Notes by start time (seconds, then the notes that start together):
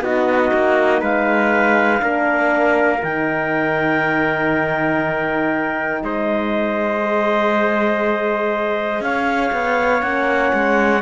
0.00 B3 D#4 F#4 D#5
0.53 A#3
1.00 G#3 B4 F5
2.00 A#3 D4 A#4
3.02 D#3 D#4 G5
6.02 G#3 C5 D#5
7.02 G#4
9.00 C#4 C#5 F5
9.52 B3
10.01 A#3 C#4 F#5
10.53 G#3